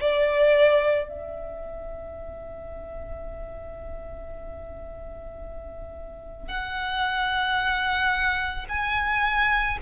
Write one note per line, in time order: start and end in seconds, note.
0.00 1.09 D5
1.09 6.48 E5
6.48 8.66 F#5
8.69 9.78 G#5